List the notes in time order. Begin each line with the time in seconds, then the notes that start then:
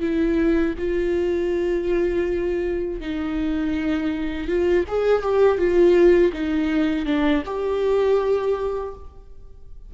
0.00 E4
0.78 F4
3.00 D#4
4.48 F4
4.88 G#4
5.22 G4
5.58 F4
6.33 D#4
7.05 D4
7.45 G4